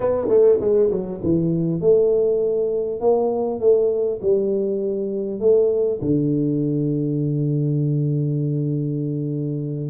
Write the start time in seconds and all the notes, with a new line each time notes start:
0.00 B3
0.28 A3
0.60 G#3
0.90 F#3
1.23 E3
1.80 A3
3.00 A#3
3.59 A3
4.21 G3
5.40 A3
6.01 D3